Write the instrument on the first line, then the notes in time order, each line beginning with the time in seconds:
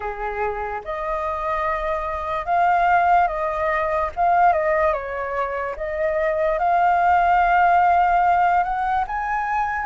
flute
0.00 G#4
0.84 D#5
2.45 F5
3.27 D#5
4.15 F5
4.52 D#5
4.93 C#5
5.76 D#5
6.58 F5
8.63 F#5
9.07 G#5